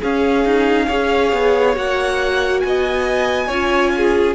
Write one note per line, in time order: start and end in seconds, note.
0.00 0.89 C#4
0.00 0.45 C#4
0.00 0.87 G#4
0.00 1.77 F5
0.45 0.89 D#4
0.87 1.33 C#4
0.87 1.74 G#4
0.87 2.61 C#5
1.33 1.76 B3
1.74 2.63 A#3
1.74 3.48 F#4
1.74 2.60 F#5
2.60 3.49 B3
2.60 3.47 D#5
2.60 4.34 G#5
3.47 4.35 C#4
3.47 4.35 F4
3.47 3.91 C#5
3.97 4.35 G#4